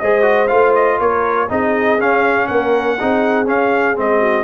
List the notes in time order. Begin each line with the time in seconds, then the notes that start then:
0.00 G#3 G#4 C5 D#5
0.22 F#4
0.48 A3 F4 F5
0.75 D#5
0.99 A#3 A#4 C#5
1.49 C4 D#4 G#4 D#5
1.99 C#4 F5
2.48 A#3 A#4 F#5
2.98 C4 D#4 G#4
3.46 C#4 F5
3.96 G#3 C4 D#5
4.20 F#4